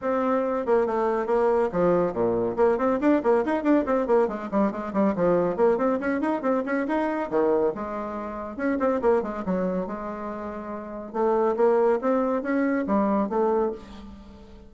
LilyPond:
\new Staff \with { instrumentName = "bassoon" } { \time 4/4 \tempo 4 = 140 c'4. ais8 a4 ais4 | f4 ais,4 ais8 c'8 d'8 ais8 | dis'8 d'8 c'8 ais8 gis8 g8 gis8 g8 | f4 ais8 c'8 cis'8 dis'8 c'8 cis'8 |
dis'4 dis4 gis2 | cis'8 c'8 ais8 gis8 fis4 gis4~ | gis2 a4 ais4 | c'4 cis'4 g4 a4 | }